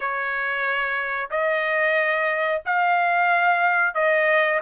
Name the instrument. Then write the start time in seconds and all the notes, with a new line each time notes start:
trumpet
0.00 C#5
1.30 D#5
2.65 F5
3.94 D#5